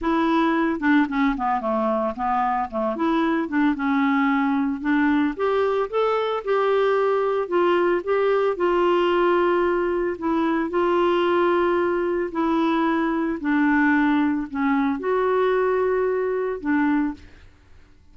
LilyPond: \new Staff \with { instrumentName = "clarinet" } { \time 4/4 \tempo 4 = 112 e'4. d'8 cis'8 b8 a4 | b4 a8 e'4 d'8 cis'4~ | cis'4 d'4 g'4 a'4 | g'2 f'4 g'4 |
f'2. e'4 | f'2. e'4~ | e'4 d'2 cis'4 | fis'2. d'4 | }